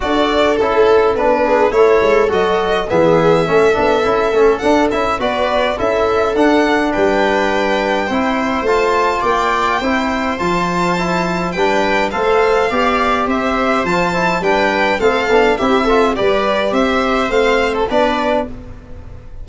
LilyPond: <<
  \new Staff \with { instrumentName = "violin" } { \time 4/4 \tempo 4 = 104 d''4 a'4 b'4 cis''4 | dis''4 e''2. | fis''8 e''8 d''4 e''4 fis''4 | g''2. a''4 |
g''2 a''2 | g''4 f''2 e''4 | a''4 g''4 f''4 e''4 | d''4 e''4 f''8. a'16 d''4 | }
  \new Staff \with { instrumentName = "viola" } { \time 4/4 a'2~ a'8 gis'8 a'4~ | a'4 gis'4 a'2~ | a'4 b'4 a'2 | b'2 c''2 |
d''4 c''2. | b'4 c''4 d''4 c''4~ | c''4 b'4 a'4 g'8 a'8 | b'4 c''2 b'4 | }
  \new Staff \with { instrumentName = "trombone" } { \time 4/4 fis'4 e'4 d'4 e'4 | fis'4 b4 cis'8 d'8 e'8 cis'8 | d'8 e'8 fis'4 e'4 d'4~ | d'2 e'4 f'4~ |
f'4 e'4 f'4 e'4 | d'4 a'4 g'2 | f'8 e'8 d'4 c'8 d'8 e'8 f'8 | g'2 c'4 d'4 | }
  \new Staff \with { instrumentName = "tuba" } { \time 4/4 d'4 cis'4 b4 a8 gis8 | fis4 e4 a8 b8 cis'8 a8 | d'8 cis'8 b4 cis'4 d'4 | g2 c'4 a4 |
ais4 c'4 f2 | g4 a4 b4 c'4 | f4 g4 a8 b8 c'4 | g4 c'4 a4 b4 | }
>>